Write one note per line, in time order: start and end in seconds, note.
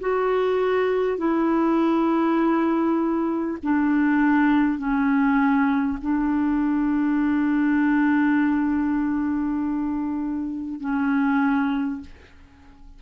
0.00 1.18 F#4
1.18 3.58 E4
3.63 4.78 D4
4.78 5.98 C#4
6.02 10.81 D4
10.81 12.01 C#4